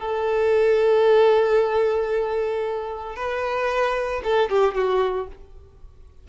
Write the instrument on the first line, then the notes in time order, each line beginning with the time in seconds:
violin
0.00 A4
3.16 B4
4.24 A4
4.50 G4
4.75 F#4